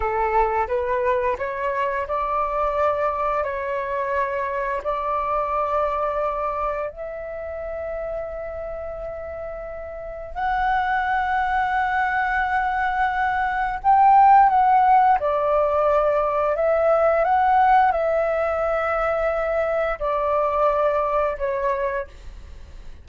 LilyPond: \new Staff \with { instrumentName = "flute" } { \time 4/4 \tempo 4 = 87 a'4 b'4 cis''4 d''4~ | d''4 cis''2 d''4~ | d''2 e''2~ | e''2. fis''4~ |
fis''1 | g''4 fis''4 d''2 | e''4 fis''4 e''2~ | e''4 d''2 cis''4 | }